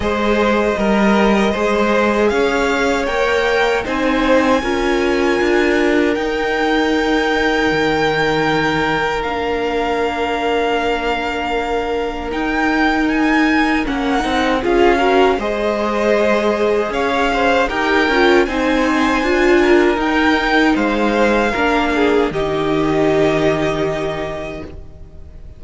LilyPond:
<<
  \new Staff \with { instrumentName = "violin" } { \time 4/4 \tempo 4 = 78 dis''2. f''4 | g''4 gis''2. | g''1 | f''1 |
g''4 gis''4 fis''4 f''4 | dis''2 f''4 g''4 | gis''2 g''4 f''4~ | f''4 dis''2. | }
  \new Staff \with { instrumentName = "violin" } { \time 4/4 c''4 ais'4 c''4 cis''4~ | cis''4 c''4 ais'2~ | ais'1~ | ais'1~ |
ais'2. gis'8 ais'8 | c''2 cis''8 c''8 ais'4 | c''4. ais'4. c''4 | ais'8 gis'8 g'2. | }
  \new Staff \with { instrumentName = "viola" } { \time 4/4 gis'4 ais'4 gis'2 | ais'4 dis'4 f'2 | dis'1 | d'1 |
dis'2 cis'8 dis'8 f'8 fis'8 | gis'2. g'8 f'8 | dis'4 f'4 dis'2 | d'4 dis'2. | }
  \new Staff \with { instrumentName = "cello" } { \time 4/4 gis4 g4 gis4 cis'4 | ais4 c'4 cis'4 d'4 | dis'2 dis2 | ais1 |
dis'2 ais8 c'8 cis'4 | gis2 cis'4 dis'8 cis'8 | c'4 d'4 dis'4 gis4 | ais4 dis2. | }
>>